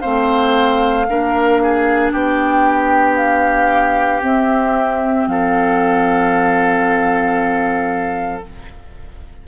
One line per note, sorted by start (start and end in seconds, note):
0.00 1.09 A3
0.00 1.07 C4
0.00 1.06 C5
0.00 2.11 F5
1.07 2.12 A#3
1.07 4.20 D4
1.07 1.62 A#4
1.62 2.12 G#4
2.12 4.21 B3
2.12 5.28 G4
2.12 3.16 G5
3.16 4.21 F5
4.20 8.41 C4
4.20 5.26 C4
4.20 5.27 E5
5.26 8.42 F3
5.26 8.47 A4
5.26 8.43 F5